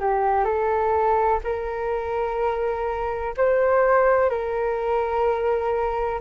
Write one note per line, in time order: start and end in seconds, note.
0.00 0.45 G4
0.45 1.40 A4
1.44 3.34 A#4
3.37 4.29 C5
4.29 6.20 A#4